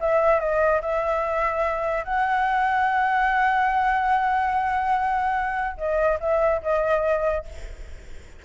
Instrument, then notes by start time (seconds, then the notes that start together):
flute
0.00 E5
0.39 D#5
0.81 E5
2.04 F#5
5.77 D#5
6.20 E5
6.62 D#5